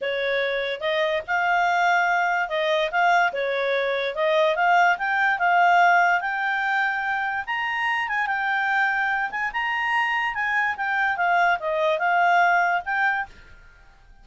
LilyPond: \new Staff \with { instrumentName = "clarinet" } { \time 4/4 \tempo 4 = 145 cis''2 dis''4 f''4~ | f''2 dis''4 f''4 | cis''2 dis''4 f''4 | g''4 f''2 g''4~ |
g''2 ais''4. gis''8 | g''2~ g''8 gis''8 ais''4~ | ais''4 gis''4 g''4 f''4 | dis''4 f''2 g''4 | }